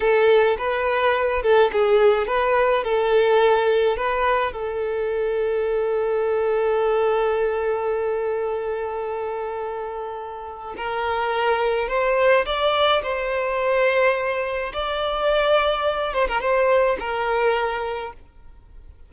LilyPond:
\new Staff \with { instrumentName = "violin" } { \time 4/4 \tempo 4 = 106 a'4 b'4. a'8 gis'4 | b'4 a'2 b'4 | a'1~ | a'1~ |
a'2. ais'4~ | ais'4 c''4 d''4 c''4~ | c''2 d''2~ | d''8 c''16 ais'16 c''4 ais'2 | }